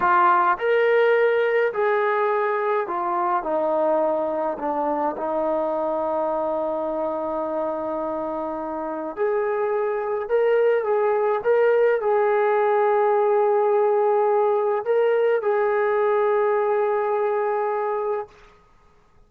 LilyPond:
\new Staff \with { instrumentName = "trombone" } { \time 4/4 \tempo 4 = 105 f'4 ais'2 gis'4~ | gis'4 f'4 dis'2 | d'4 dis'2.~ | dis'1 |
gis'2 ais'4 gis'4 | ais'4 gis'2.~ | gis'2 ais'4 gis'4~ | gis'1 | }